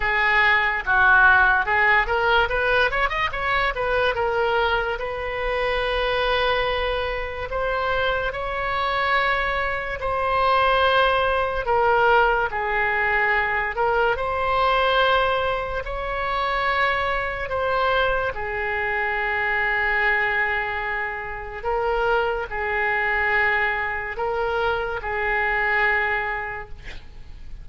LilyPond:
\new Staff \with { instrumentName = "oboe" } { \time 4/4 \tempo 4 = 72 gis'4 fis'4 gis'8 ais'8 b'8 cis''16 dis''16 | cis''8 b'8 ais'4 b'2~ | b'4 c''4 cis''2 | c''2 ais'4 gis'4~ |
gis'8 ais'8 c''2 cis''4~ | cis''4 c''4 gis'2~ | gis'2 ais'4 gis'4~ | gis'4 ais'4 gis'2 | }